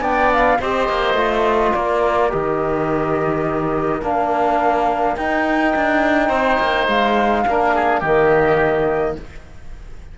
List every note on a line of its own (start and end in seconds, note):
0.00 0.57 B3
0.00 0.58 D4
0.00 0.58 D5
0.00 0.31 G5
0.32 0.60 F5
0.60 0.89 C4
0.60 1.16 G4
0.60 1.74 C5
0.60 1.74 D#5
0.89 1.13 A#3
1.13 1.71 A3
1.13 2.29 F4
1.74 2.32 A#3
1.74 6.28 A#4
1.74 2.31 D5
2.29 4.01 D#3
2.29 4.01 G4
2.29 4.02 D#5
4.01 5.15 A#3
4.01 5.17 D4
4.01 5.16 F5
5.16 5.74 D#4
5.16 7.46 D#4
5.16 6.87 G5
5.75 6.29 D4
6.28 6.57 C4
6.28 7.42 C5
6.59 6.87 A#3
6.87 7.44 G#3
6.87 8.02 F5
7.47 8.01 A#3
7.47 8.03 D4
7.47 7.74 A#4
7.74 8.00 G#4
8.00 9.15 D#3
8.00 9.18 A#3
8.00 9.14 G4
8.00 9.16 D#5